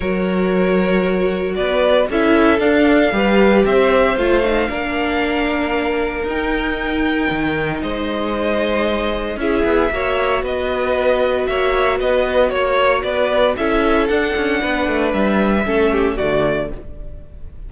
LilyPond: <<
  \new Staff \with { instrumentName = "violin" } { \time 4/4 \tempo 4 = 115 cis''2. d''4 | e''4 f''2 e''4 | f''1 | g''2. dis''4~ |
dis''2 e''2 | dis''2 e''4 dis''4 | cis''4 d''4 e''4 fis''4~ | fis''4 e''2 d''4 | }
  \new Staff \with { instrumentName = "violin" } { \time 4/4 ais'2. b'4 | a'2 b'4 c''4~ | c''4 ais'2.~ | ais'2. c''4~ |
c''2 gis'4 cis''4 | b'2 cis''4 b'4 | cis''4 b'4 a'2 | b'2 a'8 g'8 fis'4 | }
  \new Staff \with { instrumentName = "viola" } { \time 4/4 fis'1 | e'4 d'4 g'2 | f'8 dis'8 d'2. | dis'1~ |
dis'2 e'4 fis'4~ | fis'1~ | fis'2 e'4 d'4~ | d'2 cis'4 a4 | }
  \new Staff \with { instrumentName = "cello" } { \time 4/4 fis2. b4 | cis'4 d'4 g4 c'4 | a4 ais2. | dis'2 dis4 gis4~ |
gis2 cis'8 b8 ais4 | b2 ais4 b4 | ais4 b4 cis'4 d'8 cis'8 | b8 a8 g4 a4 d4 | }
>>